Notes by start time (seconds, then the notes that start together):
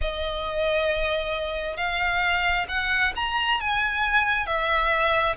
0.01 D#5
1.77 F5
2.68 F#5
3.15 A#5
3.60 G#5
4.46 E5